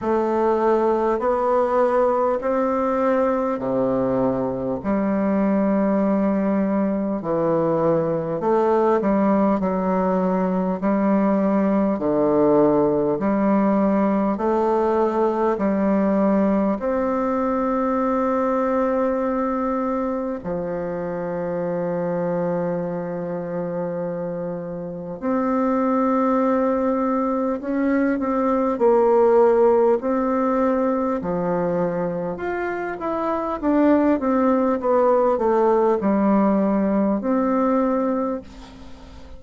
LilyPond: \new Staff \with { instrumentName = "bassoon" } { \time 4/4 \tempo 4 = 50 a4 b4 c'4 c4 | g2 e4 a8 g8 | fis4 g4 d4 g4 | a4 g4 c'2~ |
c'4 f2.~ | f4 c'2 cis'8 c'8 | ais4 c'4 f4 f'8 e'8 | d'8 c'8 b8 a8 g4 c'4 | }